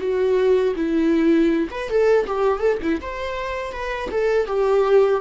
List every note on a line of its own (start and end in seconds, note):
0.00 0.74 F#4
0.75 1.68 E4
1.70 1.89 B4
1.89 2.26 A4
2.26 2.59 G4
2.59 2.77 A4
2.82 3.00 E4
3.01 3.72 C5
3.72 4.09 B4
4.10 4.46 A4
4.46 5.20 G4